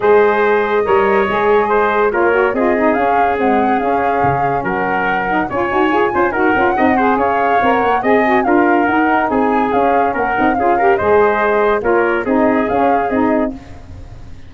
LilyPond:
<<
  \new Staff \with { instrumentName = "flute" } { \time 4/4 \tempo 4 = 142 dis''1~ | dis''4 cis''4 dis''4 f''4 | fis''4 f''2 fis''4~ | fis''4 gis''2 fis''4~ |
fis''4 f''4~ f''16 fis''8. gis''4 | f''4 fis''4 gis''4 f''4 | fis''4 f''4 dis''2 | cis''4 dis''4 f''4 dis''4 | }
  \new Staff \with { instrumentName = "trumpet" } { \time 4/4 c''2 cis''2 | c''4 ais'4 gis'2~ | gis'2. ais'4~ | ais'4 cis''4. c''8 ais'4 |
dis''8 c''8 cis''2 dis''4 | ais'2 gis'2 | ais'4 gis'8 ais'8 c''2 | ais'4 gis'2. | }
  \new Staff \with { instrumentName = "saxophone" } { \time 4/4 gis'2 ais'4 gis'4~ | gis'4 f'8 fis'8 f'8 dis'8 cis'4 | gis4 cis'2.~ | cis'8 dis'8 f'8 fis'8 gis'8 f'8 fis'8 f'8 |
dis'8 gis'4. ais'4 gis'8 fis'8 | f'4 dis'2 cis'4~ | cis'8 dis'8 f'8 g'8 gis'2 | f'4 dis'4 cis'4 dis'4 | }
  \new Staff \with { instrumentName = "tuba" } { \time 4/4 gis2 g4 gis4~ | gis4 ais4 c'4 cis'4 | c'4 cis'4 cis4 fis4~ | fis4 cis'8 dis'8 f'8 cis'8 dis'8 cis'8 |
c'4 cis'4 c'8 ais8 c'4 | d'4 dis'4 c'4 cis'4 | ais8 c'8 cis'4 gis2 | ais4 c'4 cis'4 c'4 | }
>>